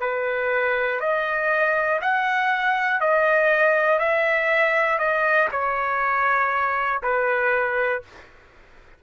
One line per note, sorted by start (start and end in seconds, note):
0.00 1.00 B4
1.00 2.00 D#5
2.01 3.01 F#5
3.01 3.99 D#5
3.99 4.99 E5
4.99 5.49 D#5
5.51 7.01 C#5
7.03 8.03 B4